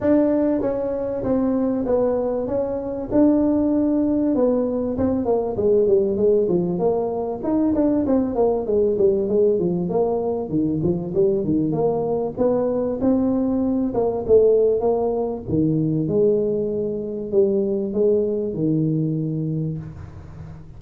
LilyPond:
\new Staff \with { instrumentName = "tuba" } { \time 4/4 \tempo 4 = 97 d'4 cis'4 c'4 b4 | cis'4 d'2 b4 | c'8 ais8 gis8 g8 gis8 f8 ais4 | dis'8 d'8 c'8 ais8 gis8 g8 gis8 f8 |
ais4 dis8 f8 g8 dis8 ais4 | b4 c'4. ais8 a4 | ais4 dis4 gis2 | g4 gis4 dis2 | }